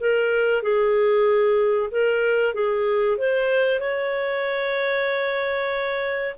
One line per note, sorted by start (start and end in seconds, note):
0.00 0.62 A#4
0.62 1.90 G#4
1.90 2.54 A#4
2.54 3.17 G#4
3.17 3.80 C5
3.80 6.35 C#5